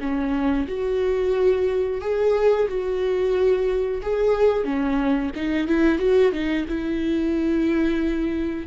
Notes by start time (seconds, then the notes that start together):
0.00 C#4
0.67 F#4
2.01 G#4
2.68 F#4
4.02 G#4
4.64 C#4
5.35 D#4
5.67 E4
5.98 F#4
6.32 D#4
6.68 E4